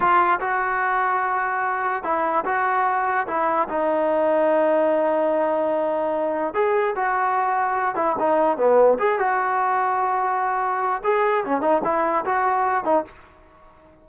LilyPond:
\new Staff \with { instrumentName = "trombone" } { \time 4/4 \tempo 4 = 147 f'4 fis'2.~ | fis'4 e'4 fis'2 | e'4 dis'2.~ | dis'1 |
gis'4 fis'2~ fis'8 e'8 | dis'4 b4 gis'8 fis'4.~ | fis'2. gis'4 | cis'8 dis'8 e'4 fis'4. dis'8 | }